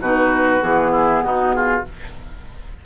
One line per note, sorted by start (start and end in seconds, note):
0.00 0.61 B2
0.00 0.61 D#4
0.00 0.91 F#4
0.00 0.62 B4
0.61 1.22 E3
0.61 1.83 B3
0.61 1.24 G#4
0.91 1.22 E4
1.22 1.83 B2
1.22 1.55 D#4
1.22 1.54 F#4
1.54 1.85 F4
1.54 1.84 G#4